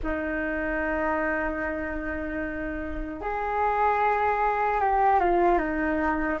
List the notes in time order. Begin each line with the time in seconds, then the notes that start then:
0.03 D#4
3.21 G#4
4.80 G4
5.20 F4
5.58 D#4